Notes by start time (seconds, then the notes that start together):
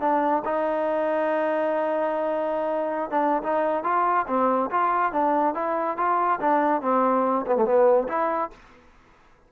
0.00 D4
0.44 D#4
3.10 D4
3.43 D#4
3.83 F4
4.27 C4
4.71 F4
5.12 D4
5.54 E4
5.97 F4
6.40 D4
6.81 C4
7.46 B3
7.56 A3
7.65 B3
8.08 E4